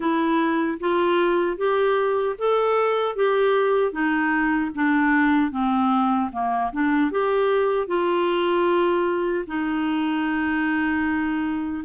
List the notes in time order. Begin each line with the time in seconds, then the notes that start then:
0.00 E4
0.80 F4
1.57 G4
2.38 A4
3.15 G4
3.92 D#4
4.74 D4
5.51 C4
6.32 A#3
6.72 D4
7.11 G4
7.87 F4
9.47 D#4